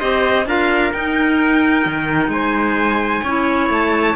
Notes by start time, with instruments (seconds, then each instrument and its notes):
0.00 cello C4, clarinet G4, trumpet C5, violin D#5
0.47 cello D4, clarinet F4, trumpet A#4, violin F5
0.93 cello D#4, clarinet D#4, violin G5
1.86 cello D#3
2.29 cello G#3, trumpet C5, violin G#5
3.24 cello C#4, clarinet E4, trumpet C#5
3.70 cello A3, violin A5